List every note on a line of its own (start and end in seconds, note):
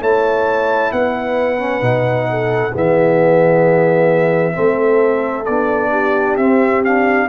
0.00 0.91 A3
0.00 1.58 E4
0.00 0.91 C#5
0.00 0.92 A5
0.92 1.81 B3
0.92 2.29 B4
0.92 2.73 F#5
1.58 1.80 C#4
1.80 2.72 B2
1.80 2.71 D#4
2.30 2.71 A4
2.71 4.57 E3
2.71 4.52 B3
2.71 4.53 G#4
2.71 5.45 E5
4.52 5.47 A3
4.52 5.43 C4
4.52 5.91 A4
5.45 6.37 B3
5.45 6.39 D4
5.45 6.36 D5
5.91 7.27 G4
6.37 7.28 C4
6.37 6.84 C4
6.37 6.82 E5
6.84 7.28 D4
6.84 7.28 F5